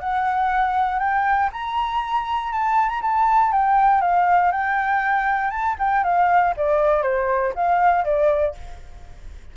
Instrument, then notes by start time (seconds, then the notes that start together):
flute
0.00 F#5
1.00 G5
1.53 A#5
2.53 A5
2.89 A#5
3.02 A5
3.52 G5
4.02 F5
4.52 G5
5.51 A5
5.79 G5
6.04 F5
6.57 D5
7.03 C5
7.55 F5
8.05 D5